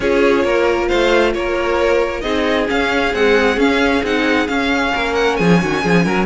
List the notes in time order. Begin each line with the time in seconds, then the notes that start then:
0.00 C#4 F4 G#4 C#5
0.44 A#3 A#4
0.88 A3 C5 F5
1.34 A#3 A#4 C#5
2.20 C4 D#4 G#4 D#5
2.67 C#4 F5
3.13 G#3 C4 F#5
3.56 C#4 F5
4.03 C4 D#4 F#5
4.47 C#4 F5
4.94 A#3 A#4
5.14 F#5
5.36 F3 G#4 G#5
5.61 D#3 F#4
5.82 F3 G#4
6.04 F#3 A#4